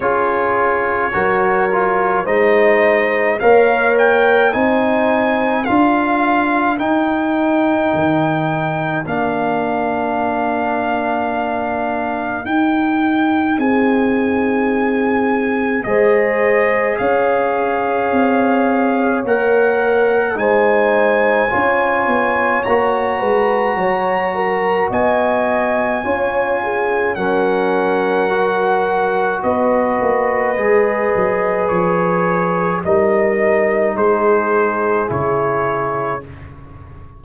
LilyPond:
<<
  \new Staff \with { instrumentName = "trumpet" } { \time 4/4 \tempo 4 = 53 cis''2 dis''4 f''8 g''8 | gis''4 f''4 g''2 | f''2. g''4 | gis''2 dis''4 f''4~ |
f''4 fis''4 gis''2 | ais''2 gis''2 | fis''2 dis''2 | cis''4 dis''4 c''4 cis''4 | }
  \new Staff \with { instrumentName = "horn" } { \time 4/4 gis'4 ais'4 c''4 cis''4 | c''4 ais'2.~ | ais'1 | gis'2 c''4 cis''4~ |
cis''2 c''4 cis''4~ | cis''8 b'8 cis''8 ais'8 dis''4 cis''8 gis'8 | ais'2 b'2~ | b'4 ais'4 gis'2 | }
  \new Staff \with { instrumentName = "trombone" } { \time 4/4 f'4 fis'8 f'8 dis'4 ais'4 | dis'4 f'4 dis'2 | d'2. dis'4~ | dis'2 gis'2~ |
gis'4 ais'4 dis'4 f'4 | fis'2. f'4 | cis'4 fis'2 gis'4~ | gis'4 dis'2 e'4 | }
  \new Staff \with { instrumentName = "tuba" } { \time 4/4 cis'4 fis4 gis4 ais4 | c'4 d'4 dis'4 dis4 | ais2. dis'4 | c'2 gis4 cis'4 |
c'4 ais4 gis4 cis'8 b8 | ais8 gis8 fis4 b4 cis'4 | fis2 b8 ais8 gis8 fis8 | f4 g4 gis4 cis4 | }
>>